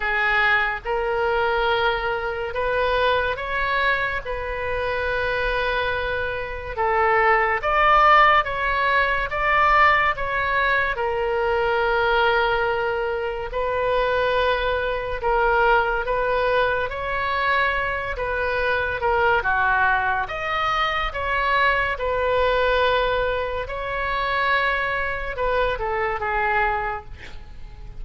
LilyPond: \new Staff \with { instrumentName = "oboe" } { \time 4/4 \tempo 4 = 71 gis'4 ais'2 b'4 | cis''4 b'2. | a'4 d''4 cis''4 d''4 | cis''4 ais'2. |
b'2 ais'4 b'4 | cis''4. b'4 ais'8 fis'4 | dis''4 cis''4 b'2 | cis''2 b'8 a'8 gis'4 | }